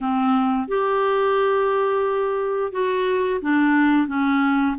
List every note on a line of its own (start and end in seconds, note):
0.01 0.68 C4
0.68 2.72 G4
2.72 3.40 F#4
3.41 4.07 D4
4.07 4.75 C#4